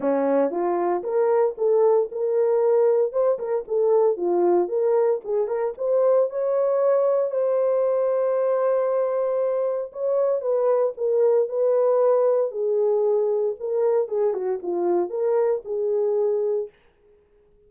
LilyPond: \new Staff \with { instrumentName = "horn" } { \time 4/4 \tempo 4 = 115 cis'4 f'4 ais'4 a'4 | ais'2 c''8 ais'8 a'4 | f'4 ais'4 gis'8 ais'8 c''4 | cis''2 c''2~ |
c''2. cis''4 | b'4 ais'4 b'2 | gis'2 ais'4 gis'8 fis'8 | f'4 ais'4 gis'2 | }